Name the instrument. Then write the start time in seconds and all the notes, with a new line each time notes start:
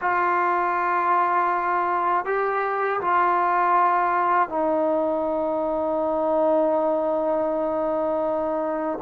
trombone
0.01 F4
2.25 G4
3.00 F4
4.49 D#4